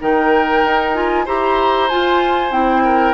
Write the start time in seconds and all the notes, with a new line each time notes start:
0.00 D#3 D#4 A#4 G5
0.64 D#4
0.94 F4 G#5
1.25 E4 G4 C5 A#5
1.89 F4 G#5
2.51 C4 E4 G5
2.85 A#4